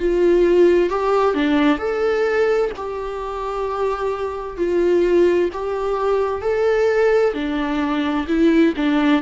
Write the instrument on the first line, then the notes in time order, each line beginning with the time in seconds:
viola
0.00 F4
0.90 G4
1.35 D4
1.78 A4
2.77 G4
4.57 F4
5.53 G4
6.42 A4
7.34 D4
8.28 E4
8.77 D4